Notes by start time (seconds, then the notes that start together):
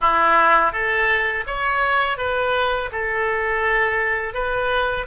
0.01 E4
0.72 A4
1.46 C#5
2.17 B4
2.92 A4
4.33 B4